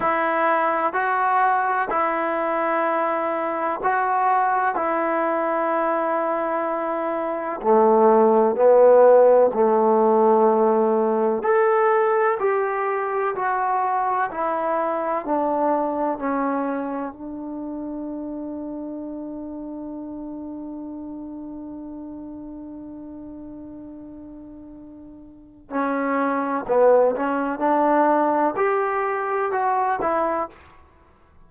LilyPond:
\new Staff \with { instrumentName = "trombone" } { \time 4/4 \tempo 4 = 63 e'4 fis'4 e'2 | fis'4 e'2. | a4 b4 a2 | a'4 g'4 fis'4 e'4 |
d'4 cis'4 d'2~ | d'1~ | d'2. cis'4 | b8 cis'8 d'4 g'4 fis'8 e'8 | }